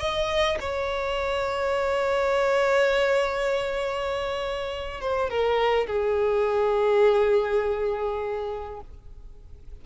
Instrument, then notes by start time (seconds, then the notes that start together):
violin
0.00 D#5
0.61 C#5
5.01 C5
5.30 A#4
5.87 G#4